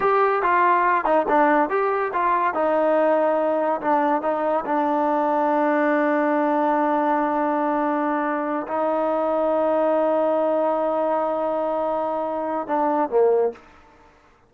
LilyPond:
\new Staff \with { instrumentName = "trombone" } { \time 4/4 \tempo 4 = 142 g'4 f'4. dis'8 d'4 | g'4 f'4 dis'2~ | dis'4 d'4 dis'4 d'4~ | d'1~ |
d'1~ | d'8 dis'2.~ dis'8~ | dis'1~ | dis'2 d'4 ais4 | }